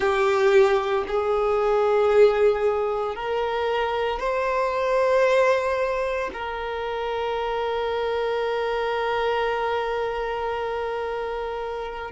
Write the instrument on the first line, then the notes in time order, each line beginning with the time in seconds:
violin
0.00 G4
1.07 G#4
3.15 A#4
4.19 C5
6.33 A#4